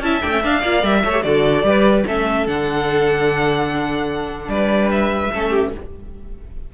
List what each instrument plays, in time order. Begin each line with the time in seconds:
0.00 cello C#4, viola E4, violin E5 A5
0.22 cello A3, viola D4, violin G5
0.30 viola C#4
0.43 viola D4, cello D4, violin F5
0.60 cello A#3, viola F4, violin D5
0.83 cello G3, viola A#4, violin E5
1.04 cello A3, viola A4, violin C#5
1.12 viola G4
1.23 cello D3, viola F#4, violin A4 D5
1.63 cello G3, viola G4, violin B4
2.06 cello A3, viola C#4, violin A4 E5
2.47 cello D3, viola D4, violin F#5
4.48 cello G3, violin B4 D5
4.91 violin E5
5.32 cello A3, viola C#4, violin A4
5.50 violin G4